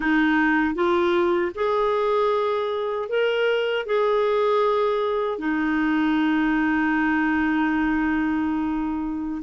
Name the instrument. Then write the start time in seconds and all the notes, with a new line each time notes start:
clarinet
0.00 D#4
0.74 F4
1.55 G#4
3.08 A#4
3.86 G#4
5.38 D#4